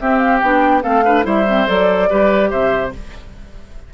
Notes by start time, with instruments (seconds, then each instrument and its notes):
0.00 clarinet C4, bassoon C4, oboe G4, flute E5
0.18 flute F5
0.40 bassoon B3, clarinet D4, flute G5
0.82 bassoon A3, clarinet C4, oboe A4, flute F5
1.05 clarinet D4, oboe B4
1.23 bassoon G3, clarinet E4, oboe C5, flute E5
1.48 clarinet C4
1.68 bassoon F#3, clarinet A4, flute D5
2.09 bassoon G3, clarinet G4, oboe B4
2.50 bassoon C3, oboe C5, flute E5